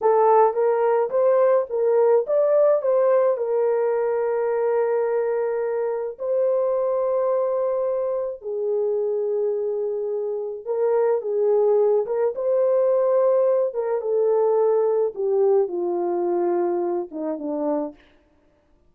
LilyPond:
\new Staff \with { instrumentName = "horn" } { \time 4/4 \tempo 4 = 107 a'4 ais'4 c''4 ais'4 | d''4 c''4 ais'2~ | ais'2. c''4~ | c''2. gis'4~ |
gis'2. ais'4 | gis'4. ais'8 c''2~ | c''8 ais'8 a'2 g'4 | f'2~ f'8 dis'8 d'4 | }